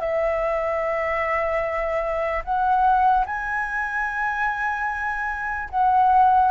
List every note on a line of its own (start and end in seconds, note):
0.00 2.43 E5
2.45 3.26 F#5
3.27 5.70 G#5
5.71 6.52 F#5